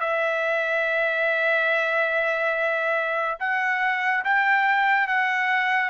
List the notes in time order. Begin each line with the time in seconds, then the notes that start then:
0.00 E5
3.40 F#5
4.24 G5
5.07 F#5